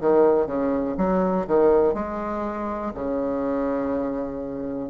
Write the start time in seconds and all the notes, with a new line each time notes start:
0.00 D#3
0.46 C#3
0.97 F#3
1.47 D#3
1.94 G#3
2.94 C#3